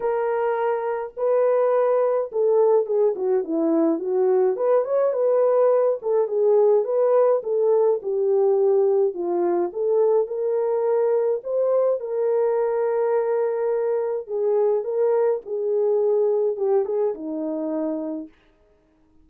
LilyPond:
\new Staff \with { instrumentName = "horn" } { \time 4/4 \tempo 4 = 105 ais'2 b'2 | a'4 gis'8 fis'8 e'4 fis'4 | b'8 cis''8 b'4. a'8 gis'4 | b'4 a'4 g'2 |
f'4 a'4 ais'2 | c''4 ais'2.~ | ais'4 gis'4 ais'4 gis'4~ | gis'4 g'8 gis'8 dis'2 | }